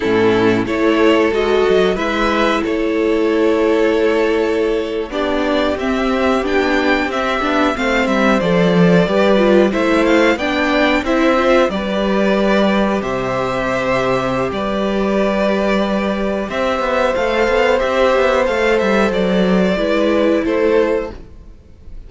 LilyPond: <<
  \new Staff \with { instrumentName = "violin" } { \time 4/4 \tempo 4 = 91 a'4 cis''4 dis''4 e''4 | cis''2.~ cis''8. d''16~ | d''8. e''4 g''4 e''4 f''16~ | f''16 e''8 d''2 e''8 f''8 g''16~ |
g''8. e''4 d''2 e''16~ | e''2 d''2~ | d''4 e''4 f''4 e''4 | f''8 e''8 d''2 c''4 | }
  \new Staff \with { instrumentName = "violin" } { \time 4/4 e'4 a'2 b'4 | a'2.~ a'8. g'16~ | g'2.~ g'8. c''16~ | c''4.~ c''16 b'4 c''4 d''16~ |
d''8. c''4 b'2 c''16~ | c''2 b'2~ | b'4 c''2.~ | c''2 b'4 a'4 | }
  \new Staff \with { instrumentName = "viola" } { \time 4/4 cis'4 e'4 fis'4 e'4~ | e'2.~ e'8. d'16~ | d'8. c'4 d'4 c'8 d'8 c'16~ | c'8. a'4 g'8 f'8 e'4 d'16~ |
d'8. e'8 f'8 g'2~ g'16~ | g'1~ | g'2 a'4 g'4 | a'2 e'2 | }
  \new Staff \with { instrumentName = "cello" } { \time 4/4 a,4 a4 gis8 fis8 gis4 | a2.~ a8. b16~ | b8. c'4 b4 c'8 b8 a16~ | a16 g8 f4 g4 a4 b16~ |
b8. c'4 g2 c16~ | c2 g2~ | g4 c'8 b8 a8 b8 c'8 b8 | a8 g8 fis4 gis4 a4 | }
>>